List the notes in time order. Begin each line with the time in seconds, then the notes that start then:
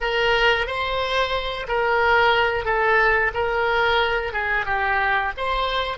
0.00 A#4
0.66 C5
1.68 A#4
2.65 A4
3.34 A#4
4.32 G#4
4.65 G4
5.37 C5